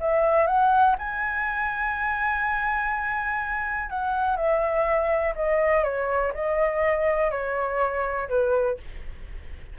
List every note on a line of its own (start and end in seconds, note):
0.00 0.47 E5
0.47 0.96 F#5
0.98 3.89 G#5
3.89 4.36 F#5
4.36 5.34 E5
5.35 5.83 D#5
5.83 6.32 C#5
6.34 7.31 D#5
7.31 8.28 C#5
8.29 8.77 B4